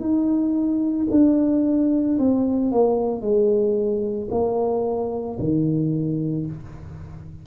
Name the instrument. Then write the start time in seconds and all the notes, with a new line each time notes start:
tuba
0.00 D#4
1.11 D4
2.19 C4
2.72 A#3
3.21 G#3
4.31 A#3
5.40 D#3